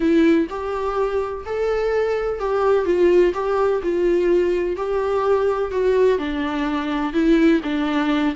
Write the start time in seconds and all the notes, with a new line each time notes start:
0.00 E4
0.49 G4
1.45 A4
2.39 G4
2.85 F4
3.34 G4
3.82 F4
4.76 G4
5.71 F#4
6.18 D4
7.13 E4
7.63 D4